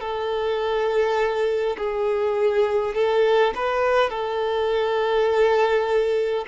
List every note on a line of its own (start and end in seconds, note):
0.00 1.76 A4
1.78 2.95 G#4
2.95 3.53 A4
3.55 4.10 B4
4.10 6.45 A4